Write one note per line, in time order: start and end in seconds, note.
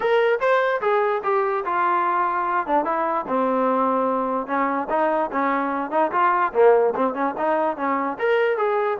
0.00 0.39 A#4
0.40 0.81 C5
0.81 1.22 G#4
1.23 1.64 G4
1.65 2.67 F4
2.67 2.85 D4
2.85 3.25 E4
3.27 4.46 C4
4.46 4.87 C#4
4.89 5.30 D#4
5.32 5.91 C#4
5.91 6.11 D#4
6.11 6.52 F4
6.53 6.94 A#3
6.95 7.14 C4
7.14 7.34 C#4
7.37 7.76 D#4
7.76 8.17 C#4
8.18 8.57 A#4
8.57 8.98 G#4